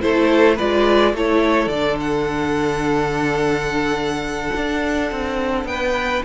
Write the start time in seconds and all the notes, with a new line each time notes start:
0.00 A3 E4 A4 C5
0.55 G#3 F4 B4 D5
1.13 A3 E4 A4 C#5
1.67 D3 D5
1.73 D4
2.00 F#5
4.56 D4
5.11 C4
5.64 B3 B4 G5